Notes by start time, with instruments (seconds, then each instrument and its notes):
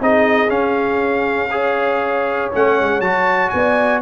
0.00 tuba C4, trombone D#4, horn G#4, trumpet D#5
0.48 trombone C#4, tuba C#4, trumpet F5
1.51 trombone G#4, horn C#5
2.52 tuba A3, trombone C#4, trumpet F#5
2.80 tuba G#3
3.00 tuba F#3, trombone F#4, trumpet A5
3.49 tuba B3, horn D5, trumpet G#5